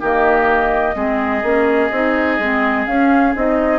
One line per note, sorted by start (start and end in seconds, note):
0.00 0.95 D#3
0.00 0.94 A#3
0.00 0.95 G4
0.00 2.86 D#5
0.94 1.42 G#3
0.94 1.42 C4
0.94 3.79 G#4
1.42 1.90 A#3
1.42 1.90 C#4
1.90 2.38 C4
1.90 2.40 D#4
2.39 2.86 G#3
2.39 2.87 C4
2.86 3.34 C#4
2.86 3.35 C#4
2.86 3.33 F5
3.35 3.79 C4
3.35 3.79 D#4
3.35 3.79 D#5